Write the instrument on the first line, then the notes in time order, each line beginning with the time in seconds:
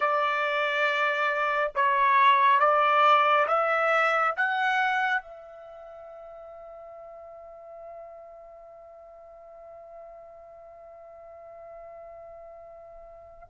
trumpet
0.00 D5
1.75 C#5
2.59 D5
3.47 E5
4.36 F#5
5.21 E5